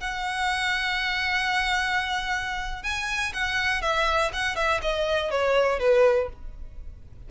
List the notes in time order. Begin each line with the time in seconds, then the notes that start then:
0.00 F#5
2.83 G#5
3.33 F#5
3.82 E5
4.33 F#5
4.56 E5
4.81 D#5
5.30 C#5
5.79 B4